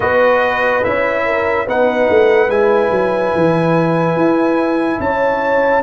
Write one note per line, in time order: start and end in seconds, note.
0.00 0.83 B3
0.00 0.82 F#4
0.00 1.24 B4
0.00 0.84 D#5
0.83 1.66 C#4
0.83 1.67 E4
0.83 1.67 E5
1.25 1.66 A#4
1.66 2.08 B3
1.66 2.49 D#4
1.66 5.01 B4
1.66 2.50 F#5
2.09 2.48 A3
2.48 2.89 G#3
2.48 5.82 E4
2.48 5.00 G#5
2.90 3.32 F#3
3.35 4.15 E3
4.15 4.99 E4
4.99 5.82 C#4
4.99 5.82 C#5
4.99 5.82 A5